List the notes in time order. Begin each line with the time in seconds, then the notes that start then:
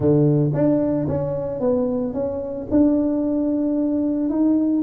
0.00 D3
0.53 D4
1.07 C#4
1.60 B3
2.13 C#4
2.71 D4
4.29 D#4